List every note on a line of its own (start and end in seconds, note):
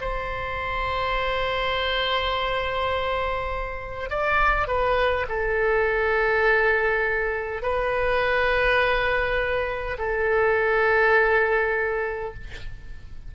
0.00 4.10 C5
4.10 4.67 D5
4.67 5.26 B4
5.28 7.61 A4
7.61 9.97 B4
9.98 12.33 A4